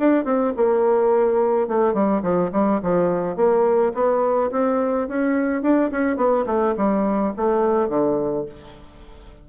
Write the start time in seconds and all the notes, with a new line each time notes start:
0.00 D4
0.25 C4
0.57 A#3
1.69 A3
1.95 G3
2.23 F3
2.53 G3
2.83 F3
3.37 A#3
3.95 B3
4.52 C4
5.09 C#4
5.63 D4
5.92 C#4
6.17 B3
6.47 A3
6.77 G3
7.37 A3
7.89 D3